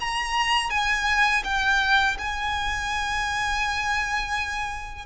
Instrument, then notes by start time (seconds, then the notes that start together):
violin
0.00 A#5
0.70 G#5
1.44 G5
2.18 G#5